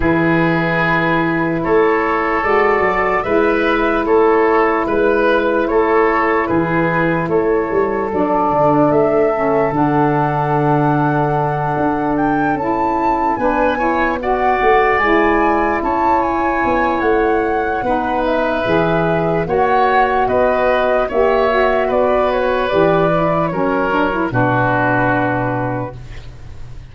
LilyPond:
<<
  \new Staff \with { instrumentName = "flute" } { \time 4/4 \tempo 4 = 74 b'2 cis''4 d''4 | e''4 cis''4 b'4 cis''4 | b'4 cis''4 d''4 e''4 | fis''2. g''8 a''8~ |
a''8 gis''4 fis''4 gis''4 a''8 | gis''4 fis''4. e''4. | fis''4 dis''4 e''4 d''8 cis''8 | d''4 cis''4 b'2 | }
  \new Staff \with { instrumentName = "oboe" } { \time 4/4 gis'2 a'2 | b'4 a'4 b'4 a'4 | gis'4 a'2.~ | a'1~ |
a'8 b'8 cis''8 d''2 cis''8~ | cis''2 b'2 | cis''4 b'4 cis''4 b'4~ | b'4 ais'4 fis'2 | }
  \new Staff \with { instrumentName = "saxophone" } { \time 4/4 e'2. fis'4 | e'1~ | e'2 d'4. cis'8 | d'2.~ d'8 e'8~ |
e'8 d'8 e'8 fis'4 e'4.~ | e'2 dis'4 gis'4 | fis'2 g'8 fis'4. | g'8 e'8 cis'8 d'16 e'16 d'2 | }
  \new Staff \with { instrumentName = "tuba" } { \time 4/4 e2 a4 gis8 fis8 | gis4 a4 gis4 a4 | e4 a8 g8 fis8 d8 a4 | d2~ d8 d'4 cis'8~ |
cis'8 b4. a8 gis4 cis'8~ | cis'8 b8 a4 b4 e4 | ais4 b4 ais4 b4 | e4 fis4 b,2 | }
>>